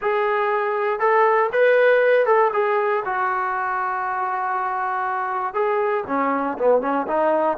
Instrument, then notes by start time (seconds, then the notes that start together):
trombone
0.01 G#4
0.99 A4
1.52 B4
2.26 A4
2.53 G#4
3.05 F#4
5.54 G#4
6.07 C#4
6.58 B3
6.81 C#4
7.07 D#4